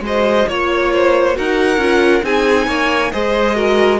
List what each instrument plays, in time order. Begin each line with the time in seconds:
0.00 cello G#3, viola F#4, violin C5 D#5
0.48 cello A#3, viola F4, violin C#5
0.93 violin C5
1.33 cello D#4, viola F#4, violin A#4 F#5
1.77 cello C#4, viola F4
2.22 cello C4, viola D#4, violin G#4 G#5
2.67 cello A#3, violin C#5
3.12 cello G#3, viola G#4, violin C5 D#5
3.55 viola F#4, violin A#4